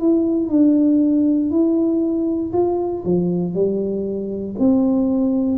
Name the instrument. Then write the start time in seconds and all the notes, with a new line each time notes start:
tuba
0.00 E4
0.49 D4
1.51 E4
2.53 F4
3.06 F3
3.54 G3
4.59 C4